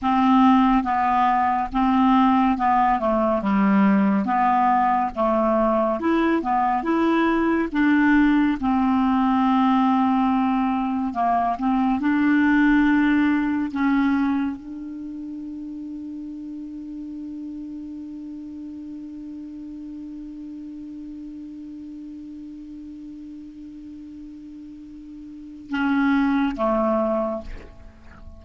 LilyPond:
\new Staff \with { instrumentName = "clarinet" } { \time 4/4 \tempo 4 = 70 c'4 b4 c'4 b8 a8 | g4 b4 a4 e'8 b8 | e'4 d'4 c'2~ | c'4 ais8 c'8 d'2 |
cis'4 d'2.~ | d'1~ | d'1~ | d'2 cis'4 a4 | }